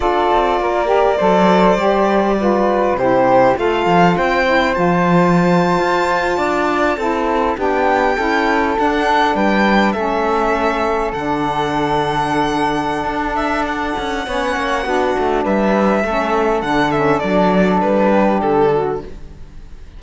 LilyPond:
<<
  \new Staff \with { instrumentName = "violin" } { \time 4/4 \tempo 4 = 101 d''1~ | d''4 c''4 f''4 g''4 | a''1~ | a''8. g''2 fis''4 g''16~ |
g''8. e''2 fis''4~ fis''16~ | fis''2~ fis''8 e''8 fis''4~ | fis''2 e''2 | fis''8 e''8 d''4 b'4 a'4 | }
  \new Staff \with { instrumentName = "flute" } { \time 4/4 a'4 ais'4 c''2 | b'4 g'4 a'4 c''4~ | c''2~ c''8. d''4 a'16~ | a'8. g'4 a'2 b'16~ |
b'8. a'2.~ a'16~ | a'1 | cis''4 fis'4 b'4 a'4~ | a'2~ a'8 g'4 fis'8 | }
  \new Staff \with { instrumentName = "saxophone" } { \time 4/4 f'4. g'8 a'4 g'4 | f'4 e'4 f'4. e'8 | f'2.~ f'8. e'16~ | e'8. d'4 e'4 d'4~ d'16~ |
d'8. cis'2 d'4~ d'16~ | d'1 | cis'4 d'2 cis'4 | d'8 cis'8 d'2. | }
  \new Staff \with { instrumentName = "cello" } { \time 4/4 d'8 c'8 ais4 fis4 g4~ | g4 c4 a8 f8 c'4 | f4.~ f16 f'4 d'4 c'16~ | c'8. b4 cis'4 d'4 g16~ |
g8. a2 d4~ d16~ | d2 d'4. cis'8 | b8 ais8 b8 a8 g4 a4 | d4 fis4 g4 d4 | }
>>